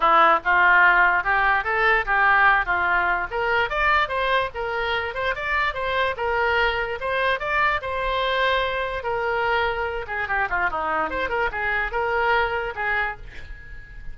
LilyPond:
\new Staff \with { instrumentName = "oboe" } { \time 4/4 \tempo 4 = 146 e'4 f'2 g'4 | a'4 g'4. f'4. | ais'4 d''4 c''4 ais'4~ | ais'8 c''8 d''4 c''4 ais'4~ |
ais'4 c''4 d''4 c''4~ | c''2 ais'2~ | ais'8 gis'8 g'8 f'8 dis'4 c''8 ais'8 | gis'4 ais'2 gis'4 | }